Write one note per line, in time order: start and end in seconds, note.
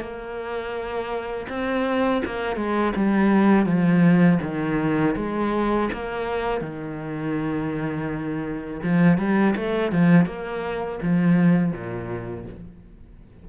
0.00 1.46 A#3
1.49 2.22 C4
2.25 2.56 A#3
2.56 2.93 G#3
2.96 3.66 G3
3.66 4.39 F3
4.42 5.16 D#3
5.16 5.89 G#3
5.93 6.61 A#3
6.61 8.80 D#3
8.83 9.18 F3
9.18 9.55 G3
9.56 9.92 A3
9.92 10.26 F3
10.26 10.99 A#3
11.03 11.72 F3
11.72 12.45 A#2